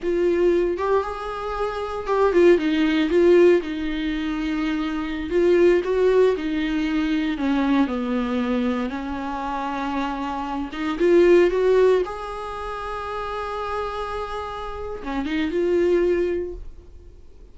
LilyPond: \new Staff \with { instrumentName = "viola" } { \time 4/4 \tempo 4 = 116 f'4. g'8 gis'2 | g'8 f'8 dis'4 f'4 dis'4~ | dis'2~ dis'16 f'4 fis'8.~ | fis'16 dis'2 cis'4 b8.~ |
b4~ b16 cis'2~ cis'8.~ | cis'8. dis'8 f'4 fis'4 gis'8.~ | gis'1~ | gis'4 cis'8 dis'8 f'2 | }